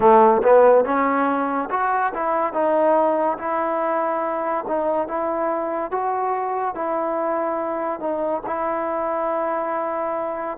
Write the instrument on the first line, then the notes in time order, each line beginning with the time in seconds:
trombone
0.00 A3
0.42 B3
0.85 C#4
1.70 F#4
2.13 E4
2.53 D#4
3.38 E4
4.67 D#4
5.07 E4
5.91 F#4
6.75 E4
7.99 D#4
8.46 E4